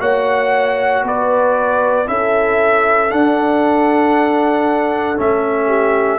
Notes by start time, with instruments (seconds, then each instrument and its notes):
0.00 tuba A#3, trombone F#4, horn C#5, trumpet F#5
1.04 tuba B3, horn B4, trumpet D5
2.06 tuba C#4, trombone E4, horn A4, trumpet E5
3.10 trombone D4, tuba D4, trumpet F#5
5.17 tuba A3, trombone C#4, trumpet E5
5.67 horn G4